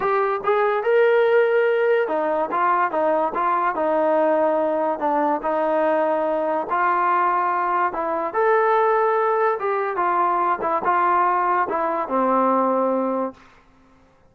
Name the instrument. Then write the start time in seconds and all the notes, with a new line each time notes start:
trombone
0.00 G4
0.44 G#4
0.83 A#4
2.07 D#4
2.51 F4
2.91 D#4
3.34 F4
3.75 D#4
4.99 D4
5.42 D#4
6.70 F4
7.92 E4
8.33 A4
9.59 G4
9.96 F4
10.61 E4
10.84 F4
11.69 E4
12.08 C4